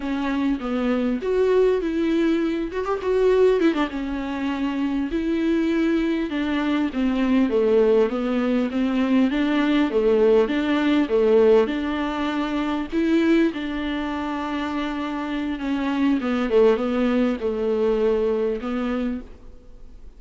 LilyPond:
\new Staff \with { instrumentName = "viola" } { \time 4/4 \tempo 4 = 100 cis'4 b4 fis'4 e'4~ | e'8 fis'16 g'16 fis'4 e'16 d'16 cis'4.~ | cis'8 e'2 d'4 c'8~ | c'8 a4 b4 c'4 d'8~ |
d'8 a4 d'4 a4 d'8~ | d'4. e'4 d'4.~ | d'2 cis'4 b8 a8 | b4 a2 b4 | }